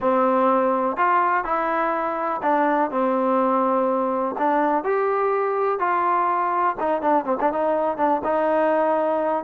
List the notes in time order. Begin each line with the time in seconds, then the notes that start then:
0.00 C4
0.96 F4
1.44 E4
2.42 D4
2.90 C4
4.38 D4
4.83 G4
5.79 F4
6.80 D#4
7.01 D4
7.24 C4
7.40 D4
7.52 D#4
7.97 D4
8.24 D#4